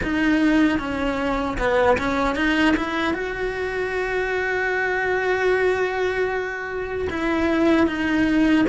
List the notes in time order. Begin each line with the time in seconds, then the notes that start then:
0.03 D#4
0.78 C#4
1.58 B3
1.98 C#4
2.35 D#4
2.76 E4
3.13 F#4
7.10 E4
7.86 D#4